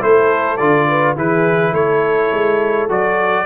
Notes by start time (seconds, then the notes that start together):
0.00 A3 E4 A4 C5
0.57 D3 F4 D5
0.87 B4
1.16 E3 E4 G#4 B4
1.72 A3 A4 C#5
2.31 G#3
2.89 F#3 F#4 D5